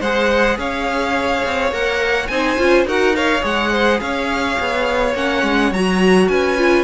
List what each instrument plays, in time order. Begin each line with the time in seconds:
0.00 cello G#3, viola G#4, violin C5 F#5
0.57 cello C#4, violin C#5 F5
1.44 cello C4
1.71 cello A#3, viola A#4, violin F#5
2.27 cello C4, viola D#4, violin C5 G#5
2.57 cello C#4, viola F4
2.85 cello D#4, viola F#4, violin A#4 F#5
3.14 viola A#4, violin C#5 F5
3.40 cello G#3, viola G#4, violin F#5
3.72 violin C5
4.00 cello C#4, violin C#5 F5
4.59 cello B3
5.14 cello A#3, viola C#4, violin F#5
5.42 cello G#3
5.71 cello F#3, viola F#4, violin A#5
6.28 cello C#4, violin B4 G#5
6.57 viola F4